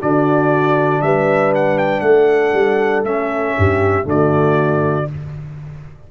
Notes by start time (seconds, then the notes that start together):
0.00 D3 D4 F#4 D5
1.02 G3 B4 E5
1.55 F#5
1.78 G5
2.01 A3 A4 F#5
2.54 G3
3.04 A3 C#4 E5
3.58 G2 G4
4.04 D3 A3 F#4 D5